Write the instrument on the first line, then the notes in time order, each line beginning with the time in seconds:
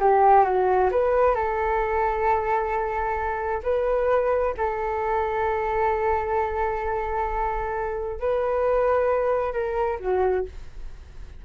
flute
0.00 G4
0.45 F#4
0.92 B4
1.35 A4
3.63 B4
4.57 A4
8.20 B4
9.53 A#4
10.00 F#4